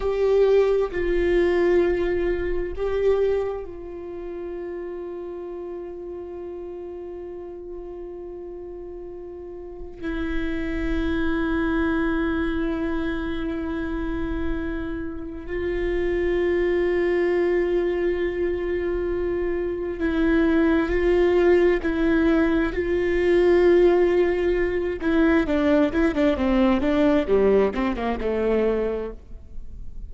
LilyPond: \new Staff \with { instrumentName = "viola" } { \time 4/4 \tempo 4 = 66 g'4 f'2 g'4 | f'1~ | f'2. e'4~ | e'1~ |
e'4 f'2.~ | f'2 e'4 f'4 | e'4 f'2~ f'8 e'8 | d'8 e'16 d'16 c'8 d'8 g8 c'16 ais16 a4 | }